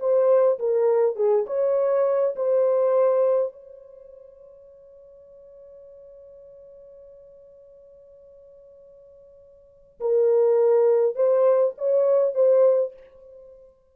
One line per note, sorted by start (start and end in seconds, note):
0.00 0.59 C5
0.59 1.16 A#4
1.16 1.45 G#4
1.47 2.35 C#5
2.36 3.53 C5
3.53 10.00 C#5
10.01 11.16 A#4
11.16 11.75 C5
11.78 12.35 C#5
12.35 12.94 C5